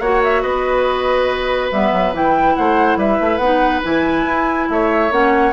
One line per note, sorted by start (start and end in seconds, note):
0.00 0.43 A#3
0.00 1.73 F#4
0.00 0.42 C#5
0.00 0.22 F#5
0.24 0.42 E5
0.42 1.72 B3
0.42 2.55 B4
0.42 1.70 D#5
1.72 1.92 G3
1.72 2.13 B3
1.72 2.15 E5
1.92 2.13 F#3
2.13 2.55 E3
2.13 3.41 E4
2.13 2.56 G5
2.56 2.97 A3
2.56 2.98 C5
2.56 2.98 F#5
2.97 3.18 G3
2.97 4.69 B4
2.97 3.38 E5
3.21 3.38 A3
3.38 3.81 B3
3.38 3.84 D#4
3.38 3.80 F#5
3.84 4.25 E3
3.84 5.11 E4
3.84 4.69 G#5
4.25 4.68 E4
4.69 5.11 A3
4.69 5.53 C#5
4.69 5.12 E5
5.11 5.53 A#3
5.11 5.53 C#4
5.11 5.53 F#5